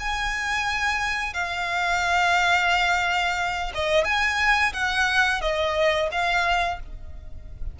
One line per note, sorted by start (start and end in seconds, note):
0.00 1.34 G#5
1.34 3.72 F5
3.75 4.05 D#5
4.05 4.73 G#5
4.74 5.41 F#5
5.41 6.09 D#5
6.12 6.80 F5